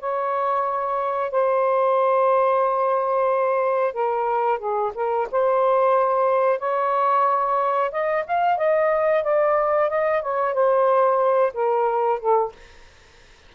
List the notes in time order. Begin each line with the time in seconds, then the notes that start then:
0.00 C#5
1.31 C5
3.94 A#4
4.59 G#4
4.95 A#4
5.31 C5
6.59 C#5
7.92 D#5
8.27 F5
8.57 D#5
9.24 D5
9.89 D#5
10.22 C#5
10.54 C5
11.54 A#4
12.19 A4